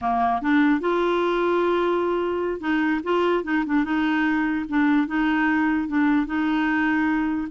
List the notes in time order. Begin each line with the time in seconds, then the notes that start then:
0.01 A#3
0.41 D4
0.80 F4
2.60 D#4
3.03 F4
3.43 D#4
3.66 D4
3.84 D#4
4.68 D4
5.07 D#4
5.87 D4
6.26 D#4